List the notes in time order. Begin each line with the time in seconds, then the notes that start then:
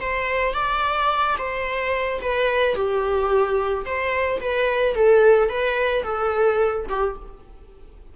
0.00 C5
0.54 D5
1.38 C5
2.21 B4
2.75 G4
3.85 C5
4.41 B4
4.95 A4
5.49 B4
6.04 A4
6.89 G4